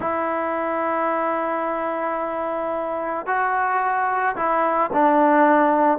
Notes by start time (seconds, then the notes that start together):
0.00 E4
3.26 F#4
4.35 E4
4.93 D4